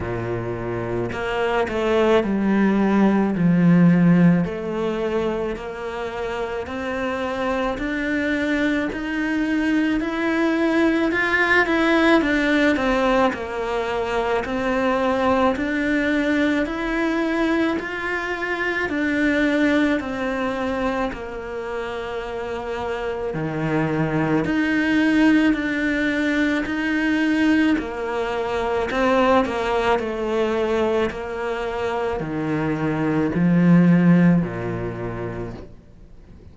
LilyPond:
\new Staff \with { instrumentName = "cello" } { \time 4/4 \tempo 4 = 54 ais,4 ais8 a8 g4 f4 | a4 ais4 c'4 d'4 | dis'4 e'4 f'8 e'8 d'8 c'8 | ais4 c'4 d'4 e'4 |
f'4 d'4 c'4 ais4~ | ais4 dis4 dis'4 d'4 | dis'4 ais4 c'8 ais8 a4 | ais4 dis4 f4 ais,4 | }